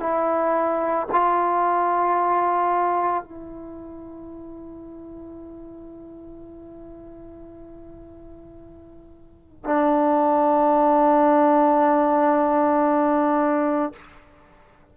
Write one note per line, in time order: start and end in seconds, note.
0.00 1.07 E4
1.12 3.23 F4
3.23 9.64 E4
9.64 13.92 D4